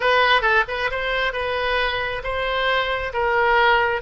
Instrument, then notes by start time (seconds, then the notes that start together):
oboe
0.00 B4
0.41 A4
0.68 B4
0.90 C5
1.32 B4
2.23 C5
3.13 A#4